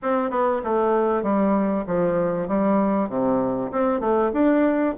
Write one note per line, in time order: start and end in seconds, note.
0.02 0.30 C4
0.30 0.61 B3
0.64 1.22 A3
1.22 1.84 G3
1.86 2.48 F3
2.48 3.09 G3
3.09 3.71 C3
3.71 4.00 C4
4.00 4.31 A3
4.33 4.95 D4